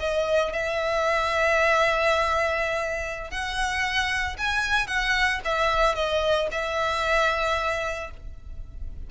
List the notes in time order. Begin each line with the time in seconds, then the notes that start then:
0.00 D#5
0.53 E5
3.31 F#5
4.38 G#5
4.87 F#5
5.45 E5
5.95 D#5
6.52 E5